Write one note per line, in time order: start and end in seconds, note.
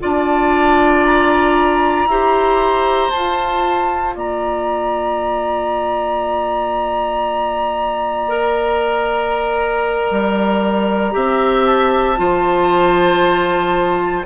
0.00 2.06 D4
0.00 2.07 F4
0.00 2.08 D5
0.00 1.05 A5
1.05 3.11 A#5
2.06 3.10 E4
2.06 3.11 G4
2.06 4.16 C5
3.11 8.28 F4
3.11 4.16 F4
3.11 4.14 A5
4.16 10.11 A#3
4.16 11.14 D5
4.16 11.66 A#5
8.28 11.12 A#4
10.11 11.14 G3
11.12 12.19 C4
11.12 12.15 G4
11.12 12.18 E5
11.66 14.25 A5
12.17 14.26 F3
12.17 14.24 F4
12.17 14.26 C5